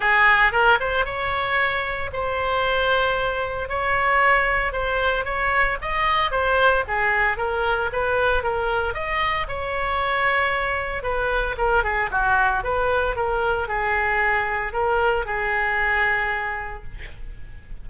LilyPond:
\new Staff \with { instrumentName = "oboe" } { \time 4/4 \tempo 4 = 114 gis'4 ais'8 c''8 cis''2 | c''2. cis''4~ | cis''4 c''4 cis''4 dis''4 | c''4 gis'4 ais'4 b'4 |
ais'4 dis''4 cis''2~ | cis''4 b'4 ais'8 gis'8 fis'4 | b'4 ais'4 gis'2 | ais'4 gis'2. | }